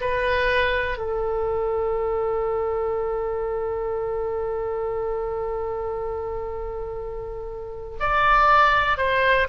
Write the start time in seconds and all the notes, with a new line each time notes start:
0.00 B4
0.98 A4
7.99 D5
8.97 C5